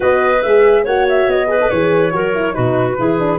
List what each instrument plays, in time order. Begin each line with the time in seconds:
0.00 tuba B3, horn F#4, clarinet B4, flute D#5
0.42 tuba G#3, horn G#4, flute E5
0.83 tuba A#3, horn F#4, clarinet C#5, flute F#5
1.09 flute E5
1.27 tuba B3, flute D#5
1.47 horn G#4, clarinet B4
1.61 horn A4
1.70 tuba E3, horn G#4, flute C#5
2.12 tuba F#3, horn F#4, clarinet A#4
2.34 horn E4
2.52 tuba B2, horn D#4, clarinet F#4, flute B4
2.98 tuba E3, horn E4, clarinet G#4
3.19 horn D4